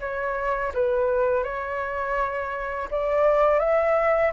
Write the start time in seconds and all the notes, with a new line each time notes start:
0.00 C#5
0.74 B4
1.44 C#5
2.91 D5
3.59 E5